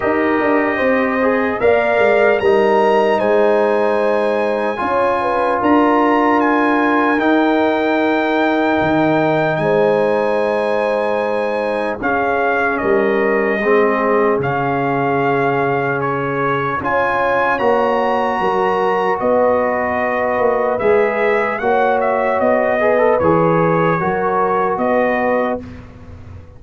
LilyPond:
<<
  \new Staff \with { instrumentName = "trumpet" } { \time 4/4 \tempo 4 = 75 dis''2 f''4 ais''4 | gis''2. ais''4 | gis''4 g''2. | gis''2. f''4 |
dis''2 f''2 | cis''4 gis''4 ais''2 | dis''2 e''4 fis''8 e''8 | dis''4 cis''2 dis''4 | }
  \new Staff \with { instrumentName = "horn" } { \time 4/4 ais'4 c''4 d''4 ais'4 | c''2 cis''8 b'8 ais'4~ | ais'1 | c''2. gis'4 |
ais'4 gis'2.~ | gis'4 cis''2 ais'4 | b'2. cis''4~ | cis''8 b'4. ais'4 b'4 | }
  \new Staff \with { instrumentName = "trombone" } { \time 4/4 g'4. gis'8 ais'4 dis'4~ | dis'2 f'2~ | f'4 dis'2.~ | dis'2. cis'4~ |
cis'4 c'4 cis'2~ | cis'4 f'4 fis'2~ | fis'2 gis'4 fis'4~ | fis'8 gis'16 a'16 gis'4 fis'2 | }
  \new Staff \with { instrumentName = "tuba" } { \time 4/4 dis'8 d'8 c'4 ais8 gis8 g4 | gis2 cis'4 d'4~ | d'4 dis'2 dis4 | gis2. cis'4 |
g4 gis4 cis2~ | cis4 cis'4 ais4 fis4 | b4. ais8 gis4 ais4 | b4 e4 fis4 b4 | }
>>